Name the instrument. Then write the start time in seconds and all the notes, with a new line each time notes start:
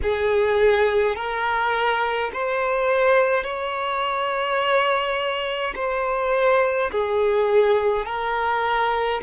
violin
0.02 G#4
1.15 A#4
2.33 C5
3.43 C#5
5.75 C5
6.91 G#4
8.05 A#4